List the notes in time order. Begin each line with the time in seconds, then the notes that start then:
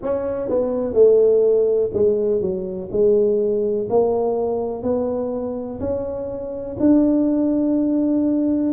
0.02 C#4
0.49 B3
0.93 A3
1.93 G#3
2.41 F#3
2.91 G#3
3.89 A#3
4.82 B3
5.80 C#4
6.79 D4